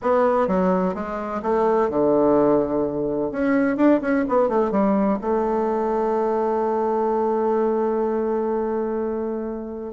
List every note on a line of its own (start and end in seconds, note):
0.02 0.47 B3
0.47 0.94 F#3
0.94 1.41 G#3
1.42 1.89 A3
1.89 3.31 D3
3.31 3.77 C#4
3.77 4.00 D4
4.01 4.24 C#4
4.28 4.48 B3
4.48 4.71 A3
4.71 5.18 G3
5.21 9.93 A3